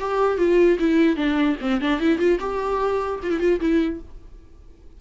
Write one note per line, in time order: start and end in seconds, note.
0.00 0.38 G4
0.38 0.78 F4
0.79 1.16 E4
1.16 1.56 D4
1.61 1.81 C4
1.81 2.00 D4
2.00 2.19 E4
2.19 2.39 F4
2.40 3.20 G4
3.23 3.31 F4
3.31 3.40 E4
3.40 3.60 F4
3.60 4.00 E4